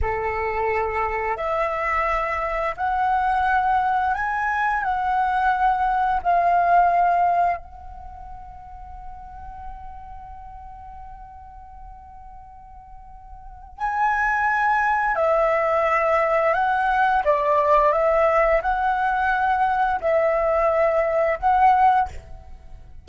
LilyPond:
\new Staff \with { instrumentName = "flute" } { \time 4/4 \tempo 4 = 87 a'2 e''2 | fis''2 gis''4 fis''4~ | fis''4 f''2 fis''4~ | fis''1~ |
fis''1 | gis''2 e''2 | fis''4 d''4 e''4 fis''4~ | fis''4 e''2 fis''4 | }